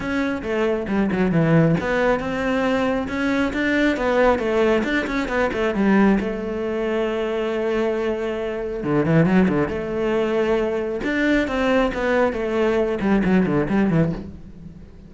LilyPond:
\new Staff \with { instrumentName = "cello" } { \time 4/4 \tempo 4 = 136 cis'4 a4 g8 fis8 e4 | b4 c'2 cis'4 | d'4 b4 a4 d'8 cis'8 | b8 a8 g4 a2~ |
a1 | d8 e8 fis8 d8 a2~ | a4 d'4 c'4 b4 | a4. g8 fis8 d8 g8 e8 | }